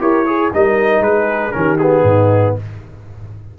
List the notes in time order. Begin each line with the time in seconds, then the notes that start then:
0.00 E4 G4 A#4 C#5
0.25 G#4
0.53 G3 D#4 A#4 D#5
1.00 G#3 G#4 B4
1.52 D#3 C#4 G4 A#4
1.78 B3 G#4
2.03 G#2 D#4